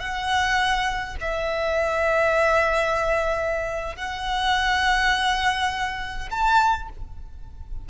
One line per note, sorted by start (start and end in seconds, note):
0.00 1.17 F#5
1.21 3.96 E5
3.96 6.29 F#5
6.31 6.89 A5